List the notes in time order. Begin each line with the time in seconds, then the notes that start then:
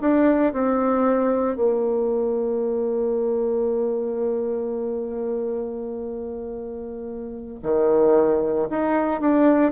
0.00 D4
0.53 C4
1.55 A#3
7.63 D#3
8.70 D#4
9.20 D4